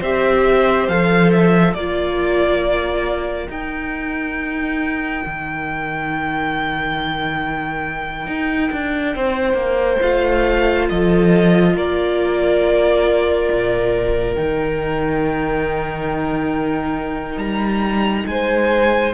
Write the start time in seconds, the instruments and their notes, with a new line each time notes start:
0.00 cello C4, viola G4, violin C5 E5
0.88 cello F3, viola A4, violin F5
1.32 violin E5
1.74 cello A#3, viola F4, violin A#4 D5
3.49 cello D#4, viola D#4, violin G5
5.26 cello D#3
8.27 cello D#4
8.72 cello D4
9.16 cello C4, violin C5
9.54 cello A#3
10.01 cello A3, viola F4, violin F5
10.89 cello F3, violin A4 D#5
11.75 cello A#3, violin A#4 D5
13.53 cello A#2
14.35 cello D#3, viola D#4, violin G5
17.37 cello G3, violin A#5
18.27 cello G#3, violin C5 G#5